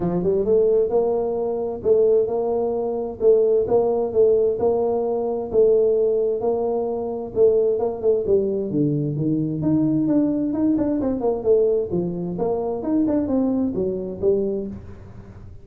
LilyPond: \new Staff \with { instrumentName = "tuba" } { \time 4/4 \tempo 4 = 131 f8 g8 a4 ais2 | a4 ais2 a4 | ais4 a4 ais2 | a2 ais2 |
a4 ais8 a8 g4 d4 | dis4 dis'4 d'4 dis'8 d'8 | c'8 ais8 a4 f4 ais4 | dis'8 d'8 c'4 fis4 g4 | }